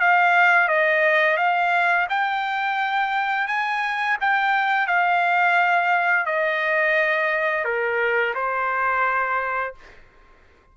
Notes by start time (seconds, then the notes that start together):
0.00 F5
0.68 D#5
1.37 F5
2.09 G5
3.47 G#5
4.21 G5
4.87 F5
6.26 D#5
7.64 A#4
8.35 C5